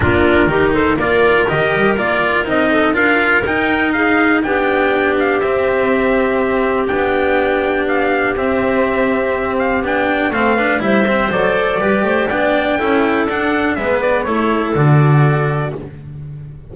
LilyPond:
<<
  \new Staff \with { instrumentName = "trumpet" } { \time 4/4 \tempo 4 = 122 ais'4. c''8 d''4 dis''4 | d''4 dis''4 f''4 g''4 | f''4 g''4. f''8 e''4~ | e''2 g''2 |
f''4 e''2~ e''8 f''8 | g''4 f''4 e''4 d''4~ | d''4 g''2 fis''4 | e''8 d''8 cis''4 d''2 | }
  \new Staff \with { instrumentName = "clarinet" } { \time 4/4 f'4 g'8 a'8 ais'2~ | ais'4. a'8 ais'2 | gis'4 g'2.~ | g'1~ |
g'1~ | g'4 a'8 b'8 c''2 | b'8 c''8 d''4 a'2 | b'4 a'2. | }
  \new Staff \with { instrumentName = "cello" } { \time 4/4 d'4 dis'4 f'4 g'4 | f'4 dis'4 f'4 dis'4~ | dis'4 d'2 c'4~ | c'2 d'2~ |
d'4 c'2. | d'4 c'8 d'8 e'8 c'8 a'4 | g'4 d'4 e'4 d'4 | b4 e'4 fis'2 | }
  \new Staff \with { instrumentName = "double bass" } { \time 4/4 ais4 dis4 ais4 dis8 g8 | ais4 c'4 d'4 dis'4~ | dis'4 b2 c'4~ | c'2 b2~ |
b4 c'2. | b4 a4 g4 fis4 | g8 a8 b4 cis'4 d'4 | gis4 a4 d2 | }
>>